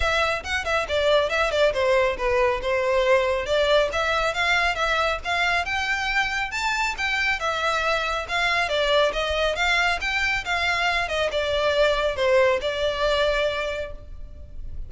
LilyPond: \new Staff \with { instrumentName = "violin" } { \time 4/4 \tempo 4 = 138 e''4 fis''8 e''8 d''4 e''8 d''8 | c''4 b'4 c''2 | d''4 e''4 f''4 e''4 | f''4 g''2 a''4 |
g''4 e''2 f''4 | d''4 dis''4 f''4 g''4 | f''4. dis''8 d''2 | c''4 d''2. | }